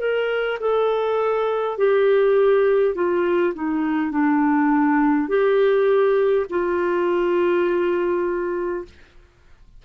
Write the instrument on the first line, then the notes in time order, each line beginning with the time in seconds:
clarinet
0.00 A#4
0.60 A4
1.78 G4
2.95 F4
3.55 D#4
4.12 D4
5.29 G4
6.50 F4